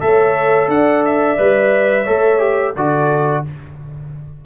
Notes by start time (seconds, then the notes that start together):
0.00 A3 A4 C#5 E5
0.68 D4 D5 F#5
1.05 E5
1.37 G3 B4
2.03 A3 A4 C#5
2.39 G4
2.75 D3 F#4 A4 D5